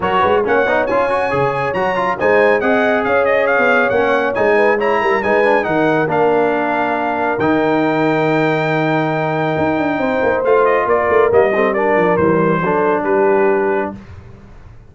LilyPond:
<<
  \new Staff \with { instrumentName = "trumpet" } { \time 4/4 \tempo 4 = 138 cis''4 fis''4 gis''2 | ais''4 gis''4 fis''4 f''8 dis''8 | f''4 fis''4 gis''4 ais''4 | gis''4 fis''4 f''2~ |
f''4 g''2.~ | g''1 | f''8 dis''8 d''4 dis''4 d''4 | c''2 b'2 | }
  \new Staff \with { instrumentName = "horn" } { \time 4/4 ais'8 b'8 cis''2.~ | cis''4 c''4 dis''4 cis''4~ | cis''2~ cis''8 b'8 cis''8 ais'8 | b'4 ais'2.~ |
ais'1~ | ais'2. c''4~ | c''4 ais'4. a'8 ais'4~ | ais'4 a'4 g'2 | }
  \new Staff \with { instrumentName = "trombone" } { \time 4/4 fis'4 cis'8 dis'8 f'8 fis'8 gis'4 | fis'8 f'8 dis'4 gis'2~ | gis'4 cis'4 dis'4 e'4 | dis'8 d'8 dis'4 d'2~ |
d'4 dis'2.~ | dis'1 | f'2 ais8 c'8 d'4 | g4 d'2. | }
  \new Staff \with { instrumentName = "tuba" } { \time 4/4 fis8 gis8 ais8 b8 cis'4 cis4 | fis4 gis4 c'4 cis'4~ | cis'16 b8. ais4 gis4. g8 | gis4 dis4 ais2~ |
ais4 dis2.~ | dis2 dis'8 d'8 c'8 ais8 | a4 ais8 a8 g4. f8 | e4 fis4 g2 | }
>>